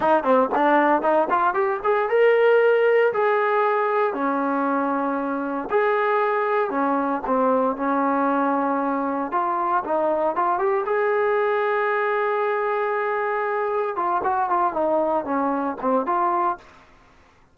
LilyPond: \new Staff \with { instrumentName = "trombone" } { \time 4/4 \tempo 4 = 116 dis'8 c'8 d'4 dis'8 f'8 g'8 gis'8 | ais'2 gis'2 | cis'2. gis'4~ | gis'4 cis'4 c'4 cis'4~ |
cis'2 f'4 dis'4 | f'8 g'8 gis'2.~ | gis'2. f'8 fis'8 | f'8 dis'4 cis'4 c'8 f'4 | }